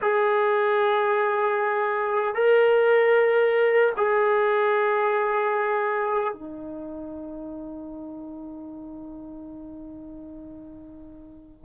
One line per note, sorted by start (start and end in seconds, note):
0.01 2.34 G#4
2.34 3.92 A#4
3.97 6.33 G#4
6.33 11.64 D#4